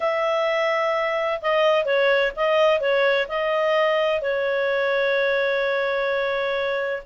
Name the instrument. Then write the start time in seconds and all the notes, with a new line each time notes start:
clarinet
0.00 E5
1.41 D#5
1.85 C#5
2.36 D#5
2.80 C#5
3.28 D#5
4.21 C#5